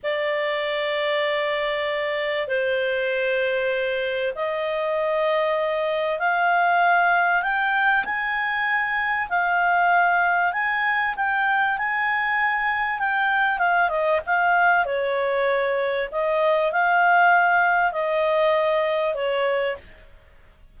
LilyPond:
\new Staff \with { instrumentName = "clarinet" } { \time 4/4 \tempo 4 = 97 d''1 | c''2. dis''4~ | dis''2 f''2 | g''4 gis''2 f''4~ |
f''4 gis''4 g''4 gis''4~ | gis''4 g''4 f''8 dis''8 f''4 | cis''2 dis''4 f''4~ | f''4 dis''2 cis''4 | }